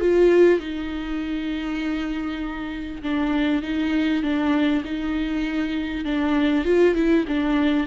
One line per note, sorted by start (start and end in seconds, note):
0.00 0.59 F4
0.59 3.02 D#4
3.02 3.62 D4
3.62 4.22 D#4
4.22 4.83 D4
4.84 6.04 D#4
6.04 6.64 D4
6.64 6.94 F4
6.94 7.25 E4
7.27 7.87 D4